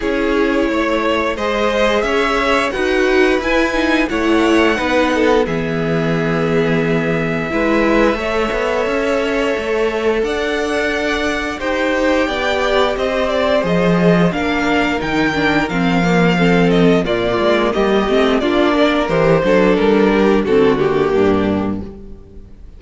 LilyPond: <<
  \new Staff \with { instrumentName = "violin" } { \time 4/4 \tempo 4 = 88 cis''2 dis''4 e''4 | fis''4 gis''4 fis''2 | e''1~ | e''2. fis''4~ |
fis''4 g''2 dis''8 d''8 | dis''4 f''4 g''4 f''4~ | f''8 dis''8 d''4 dis''4 d''4 | c''4 ais'4 a'8 g'4. | }
  \new Staff \with { instrumentName = "violin" } { \time 4/4 gis'4 cis''4 c''4 cis''4 | b'2 cis''4 b'8 a'8 | gis'2. b'4 | cis''2. d''4~ |
d''4 c''4 d''4 c''4~ | c''4 ais'2. | a'4 f'4 g'4 f'8 ais'8~ | ais'8 a'4 g'8 fis'4 d'4 | }
  \new Staff \with { instrumentName = "viola" } { \time 4/4 e'2 gis'2 | fis'4 e'8 dis'8 e'4 dis'4 | b2. e'4 | a'1~ |
a'4 g'2. | gis'4 d'4 dis'8 d'8 c'8 ais8 | c'4 ais4. c'8 d'4 | g'8 d'4. c'8 ais4. | }
  \new Staff \with { instrumentName = "cello" } { \time 4/4 cis'4 a4 gis4 cis'4 | dis'4 e'4 a4 b4 | e2. gis4 | a8 b8 cis'4 a4 d'4~ |
d'4 dis'4 b4 c'4 | f4 ais4 dis4 f4~ | f4 ais,8 gis8 g8 a8 ais4 | e8 fis8 g4 d4 g,4 | }
>>